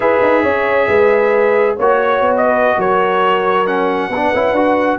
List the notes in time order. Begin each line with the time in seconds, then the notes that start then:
0.00 E4 G#4 B4 E5
0.22 D#4
0.42 C#4 C#5
0.87 G#3 B4
1.76 A#3 F#4 C#5
2.20 B3
2.36 D#5
2.43 B4
2.77 F#3 A#4 C#5
3.66 C#4 F#5
4.09 B3 B4
4.15 D4
4.34 C#4 E4
4.51 D4 F#4